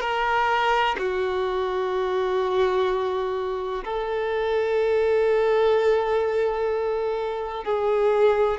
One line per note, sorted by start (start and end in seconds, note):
0.00 0.95 A#4
0.98 3.84 F#4
3.84 7.64 A4
7.64 8.58 G#4